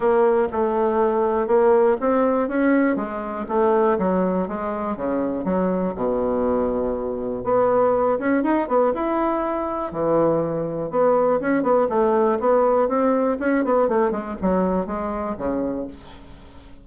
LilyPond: \new Staff \with { instrumentName = "bassoon" } { \time 4/4 \tempo 4 = 121 ais4 a2 ais4 | c'4 cis'4 gis4 a4 | fis4 gis4 cis4 fis4 | b,2. b4~ |
b8 cis'8 dis'8 b8 e'2 | e2 b4 cis'8 b8 | a4 b4 c'4 cis'8 b8 | a8 gis8 fis4 gis4 cis4 | }